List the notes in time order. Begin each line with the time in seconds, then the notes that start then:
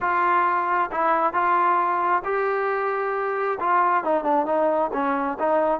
0.00 F4
0.91 E4
1.33 F4
2.24 G4
3.60 F4
4.04 D#4
4.24 D4
4.46 D#4
4.93 C#4
5.39 D#4